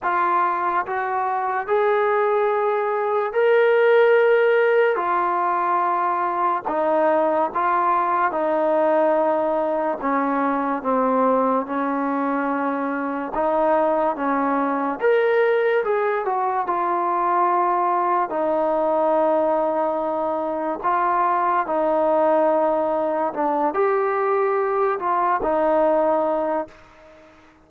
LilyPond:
\new Staff \with { instrumentName = "trombone" } { \time 4/4 \tempo 4 = 72 f'4 fis'4 gis'2 | ais'2 f'2 | dis'4 f'4 dis'2 | cis'4 c'4 cis'2 |
dis'4 cis'4 ais'4 gis'8 fis'8 | f'2 dis'2~ | dis'4 f'4 dis'2 | d'8 g'4. f'8 dis'4. | }